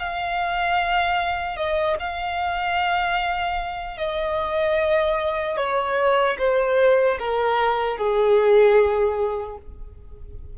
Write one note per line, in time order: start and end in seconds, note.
0.00 1.57 F5
1.57 1.97 D#5
2.00 3.98 F5
3.98 5.57 D#5
5.57 6.37 C#5
6.39 7.19 C5
7.19 7.98 A#4
7.98 9.58 G#4